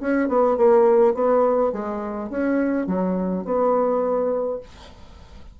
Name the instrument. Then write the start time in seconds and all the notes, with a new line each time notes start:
bassoon
0.00 C#4
0.28 B3
0.57 A#3
1.14 B3
1.72 G#3
2.30 C#4
2.86 F#3
3.44 B3